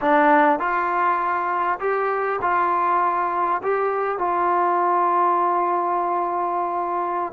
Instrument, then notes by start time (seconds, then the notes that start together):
trombone
0.01 D4
0.59 F4
1.79 G4
2.41 F4
3.62 G4
4.18 F4